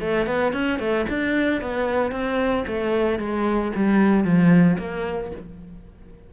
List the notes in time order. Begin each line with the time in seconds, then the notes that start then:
0.00 A3
0.26 B3
0.52 C#4
0.79 A3
1.09 D4
1.61 B3
2.11 C4
2.67 A3
3.19 G#3
3.76 G3
4.24 F3
4.78 A#3